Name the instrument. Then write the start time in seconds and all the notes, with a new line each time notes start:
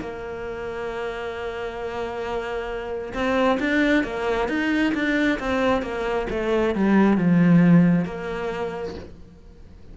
cello
0.00 A#3
3.14 C4
3.60 D4
4.04 A#3
4.49 D#4
4.94 D4
5.39 C4
5.82 A#3
6.31 A3
6.75 G3
7.18 F3
8.05 A#3